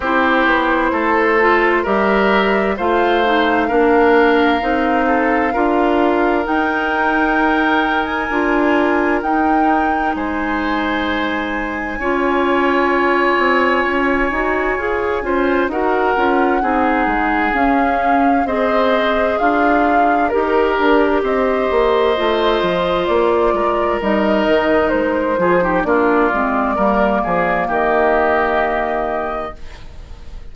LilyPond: <<
  \new Staff \with { instrumentName = "flute" } { \time 4/4 \tempo 4 = 65 c''2 e''4 f''4~ | f''2. g''4~ | g''8. gis''4~ gis''16 g''4 gis''4~ | gis''1~ |
gis''4 fis''2 f''4 | dis''4 f''4 ais'4 dis''4~ | dis''4 d''4 dis''4 c''4 | d''2 dis''2 | }
  \new Staff \with { instrumentName = "oboe" } { \time 4/4 g'4 a'4 ais'4 c''4 | ais'4. a'8 ais'2~ | ais'2. c''4~ | c''4 cis''2.~ |
cis''8 c''8 ais'4 gis'2 | c''4 f'4 ais'4 c''4~ | c''4. ais'2 gis'16 g'16 | f'4 ais'8 gis'8 g'2 | }
  \new Staff \with { instrumentName = "clarinet" } { \time 4/4 e'4. f'8 g'4 f'8 dis'8 | d'4 dis'4 f'4 dis'4~ | dis'4 f'4 dis'2~ | dis'4 f'2~ f'8 fis'8 |
gis'8 f'8 fis'8 f'8 dis'4 cis'4 | gis'2 g'2 | f'2 dis'4. f'16 dis'16 | d'8 c'8 ais2. | }
  \new Staff \with { instrumentName = "bassoon" } { \time 4/4 c'8 b8 a4 g4 a4 | ais4 c'4 d'4 dis'4~ | dis'4 d'4 dis'4 gis4~ | gis4 cis'4. c'8 cis'8 dis'8 |
f'8 cis'8 dis'8 cis'8 c'8 gis8 cis'4 | c'4 d'4 dis'8 d'8 c'8 ais8 | a8 f8 ais8 gis8 g8 dis8 gis8 f8 | ais8 gis8 g8 f8 dis2 | }
>>